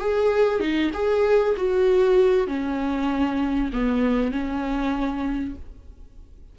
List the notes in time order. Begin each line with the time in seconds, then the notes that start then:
0.00 G#4
0.60 D#4
0.93 G#4
1.57 F#4
2.47 C#4
3.73 B3
4.32 C#4